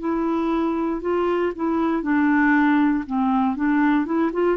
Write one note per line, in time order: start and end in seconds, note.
0.00 1.02 E4
1.02 1.53 F4
1.56 2.02 E4
2.02 3.04 D4
3.07 3.56 C4
3.56 4.06 D4
4.06 4.31 E4
4.33 4.57 F4